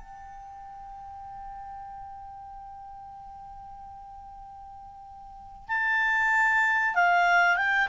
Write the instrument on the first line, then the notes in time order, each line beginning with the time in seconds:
clarinet
0.00 G5
5.68 A5
6.95 F5
7.57 G5